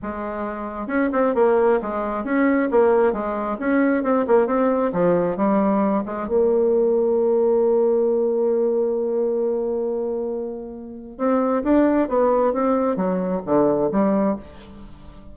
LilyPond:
\new Staff \with { instrumentName = "bassoon" } { \time 4/4 \tempo 4 = 134 gis2 cis'8 c'8 ais4 | gis4 cis'4 ais4 gis4 | cis'4 c'8 ais8 c'4 f4 | g4. gis8 ais2~ |
ais1~ | ais1~ | ais4 c'4 d'4 b4 | c'4 fis4 d4 g4 | }